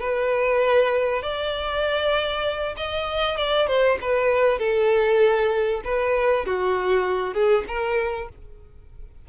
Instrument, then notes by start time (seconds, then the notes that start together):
violin
0.00 B4
1.22 D5
2.77 D#5
3.37 D5
3.67 C5
4.01 B4
4.59 A4
5.85 B4
6.46 F#4
7.34 G#4
7.68 A#4